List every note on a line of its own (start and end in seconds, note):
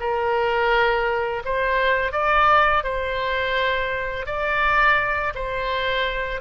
0.00 1.43 A#4
1.45 2.12 C5
2.12 2.83 D5
2.84 4.26 C5
4.26 5.33 D5
5.35 6.41 C5